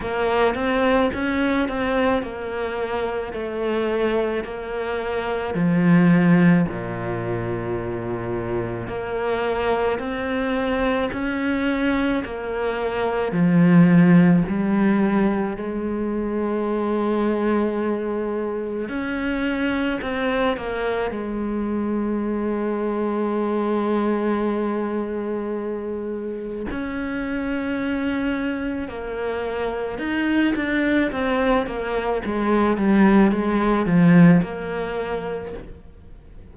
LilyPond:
\new Staff \with { instrumentName = "cello" } { \time 4/4 \tempo 4 = 54 ais8 c'8 cis'8 c'8 ais4 a4 | ais4 f4 ais,2 | ais4 c'4 cis'4 ais4 | f4 g4 gis2~ |
gis4 cis'4 c'8 ais8 gis4~ | gis1 | cis'2 ais4 dis'8 d'8 | c'8 ais8 gis8 g8 gis8 f8 ais4 | }